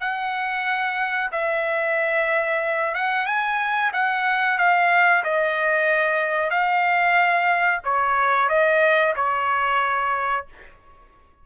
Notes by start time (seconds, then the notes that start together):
0.00 F#5
1.32 E5
2.94 F#5
3.26 G#5
3.93 F#5
4.58 F5
5.24 D#5
6.50 F5
7.84 C#5
8.49 D#5
9.16 C#5